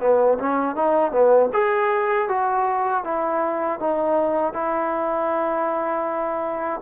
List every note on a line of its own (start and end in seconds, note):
0.00 0.38 B3
0.38 0.76 C#4
0.76 1.12 D#4
1.12 1.49 B3
1.53 2.28 G#4
2.28 3.04 F#4
3.04 3.79 E4
3.79 4.53 D#4
4.53 6.81 E4